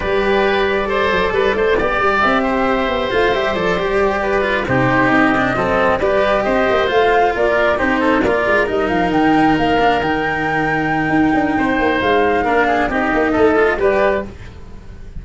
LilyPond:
<<
  \new Staff \with { instrumentName = "flute" } { \time 4/4 \tempo 4 = 135 d''1~ | d''4 e''2 f''8 e''8 | d''2~ d''8 c''4 dis''8~ | dis''4. d''4 dis''4 f''8~ |
f''8 d''4 c''4 d''4 dis''8 | f''8 g''4 f''4 g''4.~ | g''2. f''4~ | f''4 dis''2 d''4 | }
  \new Staff \with { instrumentName = "oboe" } { \time 4/4 b'2 c''4 b'8 c''8 | d''4. c''2~ c''8~ | c''4. b'4 g'4.~ | g'8 a'4 b'4 c''4.~ |
c''8 ais'4 g'8 a'8 ais'4.~ | ais'1~ | ais'2 c''2 | ais'8 gis'8 g'4 a'4 b'4 | }
  \new Staff \with { instrumentName = "cello" } { \time 4/4 g'2 a'2 | g'2. f'8 g'8 | a'8 g'4. f'8 dis'4. | d'8 c'4 g'2 f'8~ |
f'4. dis'4 f'4 dis'8~ | dis'2 d'8 dis'4.~ | dis'1 | d'4 dis'4. f'8 g'4 | }
  \new Staff \with { instrumentName = "tuba" } { \time 4/4 g2~ g8 fis8 g8 a8 | b8 g8 c'4. b8 a8 g8 | f8 g2 c4 c'8~ | c'8 fis4 g4 c'8 ais8 a8~ |
a8 ais4 c'4 ais8 gis8 g8 | f8 dis4 ais4 dis4.~ | dis4 dis'8 d'8 c'8 ais8 gis4 | ais4 c'8 ais8 a4 g4 | }
>>